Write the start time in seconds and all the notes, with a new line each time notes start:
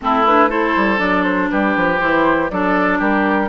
0.01 A3 C4 E4 A4
0.25 D4 B4
0.49 E4 A4 C5
0.76 G3
0.97 F#3 D4 D5
1.23 C5
1.50 G3 G4 B4
1.76 F3
1.99 E3 E4 C5
2.50 F#3 D4 A4 D5
2.99 G3 G4 A#4